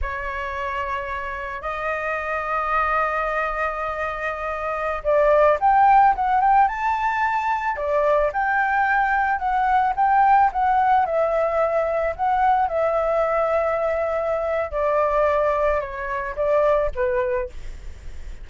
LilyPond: \new Staff \with { instrumentName = "flute" } { \time 4/4 \tempo 4 = 110 cis''2. dis''4~ | dis''1~ | dis''4~ dis''16 d''4 g''4 fis''8 g''16~ | g''16 a''2 d''4 g''8.~ |
g''4~ g''16 fis''4 g''4 fis''8.~ | fis''16 e''2 fis''4 e''8.~ | e''2. d''4~ | d''4 cis''4 d''4 b'4 | }